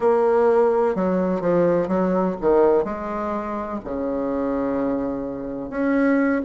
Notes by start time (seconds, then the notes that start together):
0.00 A#3
0.95 F#3
1.40 F3
1.88 F#3
2.40 D#3
2.84 G#3
3.84 C#3
5.70 C#4